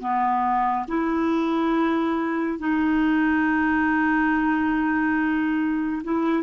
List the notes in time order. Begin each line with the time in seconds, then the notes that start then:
0.00 B3
0.88 E4
2.59 D#4
6.04 E4